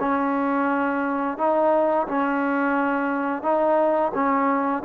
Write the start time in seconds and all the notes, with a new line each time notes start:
0.00 C#4
1.38 D#4
2.08 C#4
3.43 D#4
4.14 C#4